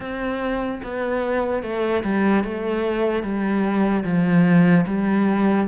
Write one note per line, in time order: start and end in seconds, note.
0.00 0.81 C4
0.83 1.62 B3
1.62 2.03 A3
2.03 2.44 G3
2.44 3.22 A3
3.22 4.03 G3
4.04 4.85 F3
4.86 5.67 G3